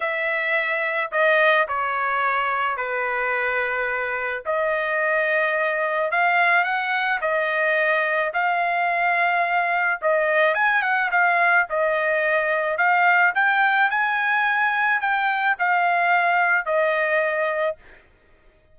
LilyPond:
\new Staff \with { instrumentName = "trumpet" } { \time 4/4 \tempo 4 = 108 e''2 dis''4 cis''4~ | cis''4 b'2. | dis''2. f''4 | fis''4 dis''2 f''4~ |
f''2 dis''4 gis''8 fis''8 | f''4 dis''2 f''4 | g''4 gis''2 g''4 | f''2 dis''2 | }